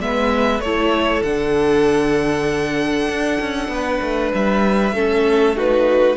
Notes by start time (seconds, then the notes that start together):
0.00 G#3 B3 B4 E5
0.60 A3 E4 A4 C#5
1.23 D3 D4 F#5
3.09 D4
3.40 C#4
3.68 B3 B4
4.01 A3
4.34 G3 E5
4.92 A3 C#4 A4
5.55 D#4 F#4 B4